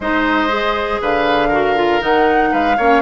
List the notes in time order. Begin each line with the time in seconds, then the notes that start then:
0.00 G#3 D#4 C5 D#5
0.47 G#4
1.01 D3 B4 F5
1.48 F#4 A#4
1.75 F4
2.00 D#3 D#4 F#5
2.51 G#3 B4 F5
2.77 A#3 C#4 C#5